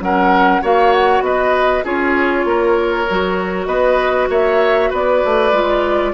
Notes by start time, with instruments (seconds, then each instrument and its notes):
0.00 bassoon F#3, clarinet C#4, oboe A#4, flute F#5
0.62 bassoon A#3, clarinet F#4, oboe C#5, flute F5
0.92 flute F#5
1.20 bassoon B3, oboe B4, flute D#5
1.83 bassoon C#4, clarinet F4, oboe G#4, flute C#5
2.44 bassoon A#3, oboe A#4
3.09 bassoon F#3, clarinet F#4
3.66 bassoon B3, oboe B4, flute D#5
4.29 bassoon A#3, oboe C#5, flute E5
4.90 bassoon B3, oboe B4, flute D5
5.24 bassoon A3
5.52 bassoon G#3, clarinet F4